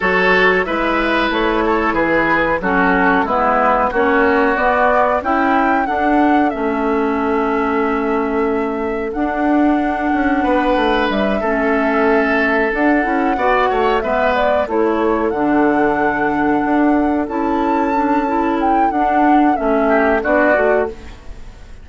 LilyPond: <<
  \new Staff \with { instrumentName = "flute" } { \time 4/4 \tempo 4 = 92 cis''4 e''4 cis''4 b'4 | a'4 b'4 cis''4 d''4 | g''4 fis''4 e''2~ | e''2 fis''2~ |
fis''4 e''2~ e''8 fis''8~ | fis''4. e''8 d''8 cis''4 fis''8~ | fis''2~ fis''8 a''4.~ | a''8 g''8 fis''4 e''4 d''4 | }
  \new Staff \with { instrumentName = "oboe" } { \time 4/4 a'4 b'4. a'8 gis'4 | fis'4 e'4 fis'2 | e'4 a'2.~ | a'1 |
b'4. a'2~ a'8~ | a'8 d''8 cis''8 b'4 a'4.~ | a'1~ | a'2~ a'8 g'8 fis'4 | }
  \new Staff \with { instrumentName = "clarinet" } { \time 4/4 fis'4 e'2. | cis'4 b4 cis'4 b4 | e'4 d'4 cis'2~ | cis'2 d'2~ |
d'4. cis'2 d'8 | e'8 fis'4 b4 e'4 d'8~ | d'2~ d'8 e'4 d'8 | e'4 d'4 cis'4 d'8 fis'8 | }
  \new Staff \with { instrumentName = "bassoon" } { \time 4/4 fis4 gis4 a4 e4 | fis4 gis4 ais4 b4 | cis'4 d'4 a2~ | a2 d'4. cis'8 |
b8 a8 g8 a2 d'8 | cis'8 b8 a8 gis4 a4 d8~ | d4. d'4 cis'4.~ | cis'4 d'4 a4 b8 a8 | }
>>